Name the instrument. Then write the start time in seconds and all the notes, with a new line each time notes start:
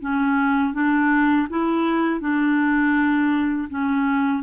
clarinet
0.00 C#4
0.73 D4
1.49 E4
2.20 D4
3.69 C#4